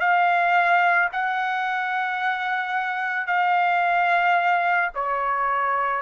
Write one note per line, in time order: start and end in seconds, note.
0.00 1.09 F5
1.13 3.27 F#5
3.27 4.90 F5
4.95 6.01 C#5